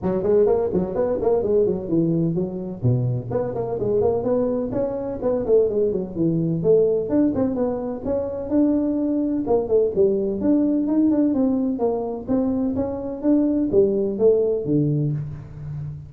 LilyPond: \new Staff \with { instrumentName = "tuba" } { \time 4/4 \tempo 4 = 127 fis8 gis8 ais8 fis8 b8 ais8 gis8 fis8 | e4 fis4 b,4 b8 ais8 | gis8 ais8 b4 cis'4 b8 a8 | gis8 fis8 e4 a4 d'8 c'8 |
b4 cis'4 d'2 | ais8 a8 g4 d'4 dis'8 d'8 | c'4 ais4 c'4 cis'4 | d'4 g4 a4 d4 | }